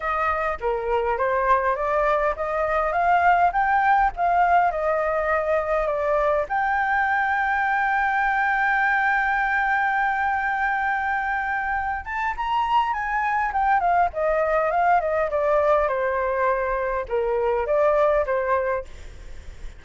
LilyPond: \new Staff \with { instrumentName = "flute" } { \time 4/4 \tempo 4 = 102 dis''4 ais'4 c''4 d''4 | dis''4 f''4 g''4 f''4 | dis''2 d''4 g''4~ | g''1~ |
g''1~ | g''8 a''8 ais''4 gis''4 g''8 f''8 | dis''4 f''8 dis''8 d''4 c''4~ | c''4 ais'4 d''4 c''4 | }